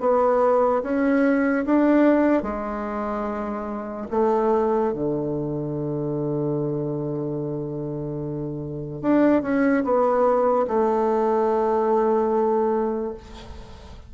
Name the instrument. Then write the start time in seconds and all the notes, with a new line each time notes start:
bassoon
0.00 B3
0.83 C#4
1.66 D4
2.43 G#3
4.11 A3
4.93 D3
9.02 D4
9.42 C#4
9.84 B3
10.67 A3